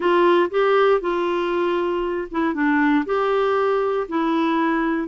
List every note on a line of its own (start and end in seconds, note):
0.00 0.49 F4
0.50 1.00 G4
1.00 2.27 F4
2.31 2.54 E4
2.54 3.05 D4
3.05 4.07 G4
4.08 5.08 E4